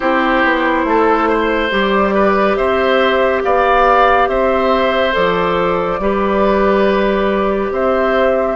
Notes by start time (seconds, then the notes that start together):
0.00 C4 E4 G4 C5
0.43 B3
0.84 A3 A4
1.29 C5
1.70 G3 G4 D5
2.14 B4
2.56 C4 C5 E5
3.43 B3 D5 F5
4.28 C4 C5 E5
5.12 F3 A4 D5
5.99 G3 G4 B4
7.71 C4 C5 E5